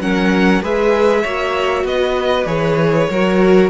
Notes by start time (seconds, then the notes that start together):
0.00 F#3 C#4 A#4 F#5
0.62 G#3 G#4 B4 E5
1.23 A#3 F#4 C#5
1.84 B3 B4 D#5
2.46 E3 G#4 C#5
3.10 F#3 F#4 A#4